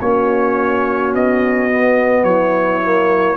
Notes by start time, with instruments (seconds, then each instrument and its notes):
0.00 tuba A#3, trombone C#4, horn F#4, trumpet C#5
1.13 tuba B3, trumpet D#5
1.70 trombone B3
2.24 tuba F#3, horn E4, trumpet C#5
2.83 trombone A#3